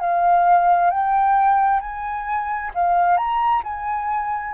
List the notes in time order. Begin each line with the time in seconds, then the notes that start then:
0.00 F5
0.91 G5
1.81 G#5
2.75 F5
3.17 A#5
3.64 G#5